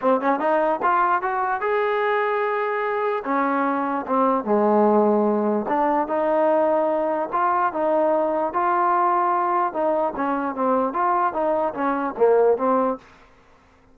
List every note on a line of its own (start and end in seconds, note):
0.01 0.20 C4
0.20 0.39 C#4
0.39 0.80 D#4
0.82 1.22 F4
1.22 1.61 F#4
1.61 3.23 G#4
3.24 4.05 C#4
4.06 4.44 C4
4.44 5.66 G#3
5.68 6.07 D4
6.07 7.29 D#4
7.32 7.72 F4
7.72 8.53 D#4
8.53 9.73 F4
9.73 10.13 D#4
10.16 10.55 C#4
10.55 10.93 C4
10.93 11.33 F4
11.33 11.73 D#4
11.73 12.14 C#4
12.17 12.57 A#3
12.57 12.98 C4